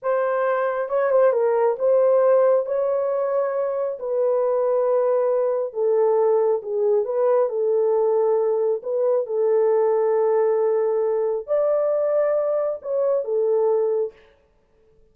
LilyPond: \new Staff \with { instrumentName = "horn" } { \time 4/4 \tempo 4 = 136 c''2 cis''8 c''8 ais'4 | c''2 cis''2~ | cis''4 b'2.~ | b'4 a'2 gis'4 |
b'4 a'2. | b'4 a'2.~ | a'2 d''2~ | d''4 cis''4 a'2 | }